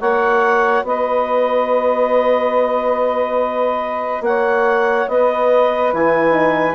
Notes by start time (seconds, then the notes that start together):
0.00 A#3 F#4 C#5 F#5
0.83 B3 B4 D#5
4.21 A#3 C#5 F#5
5.08 B3 B4 D#5
5.93 E3 E4 G#5
6.31 D#4